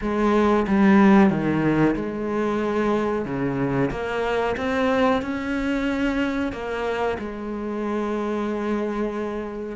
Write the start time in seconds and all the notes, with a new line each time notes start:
0.01 G#3
0.67 G3
1.30 D#3
1.95 G#3
3.25 C#3
3.90 A#3
4.56 C4
5.21 C#4
6.52 A#3
7.18 G#3